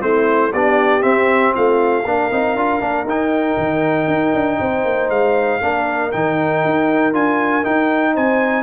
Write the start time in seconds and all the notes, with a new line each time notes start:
0.00 A3 C4 E4 C5
0.53 B3 D4 G4 D5
1.02 C4 E5
1.54 A3 F4 F5
2.05 A#3 D4 A#4
2.32 C4 D#4
2.56 D4 F4
2.80 A#3 D4
3.04 D#4 G5
3.58 D#3
4.08 D#4
4.34 D4
4.60 C4 C5
4.85 A#3
5.10 G#3 F5
5.61 A#3 D4 A#4
6.12 D#3 D#4 G5
6.65 D#4
7.13 D4 F4 G#5
7.64 D#4 G5
8.14 C4 C5 G#5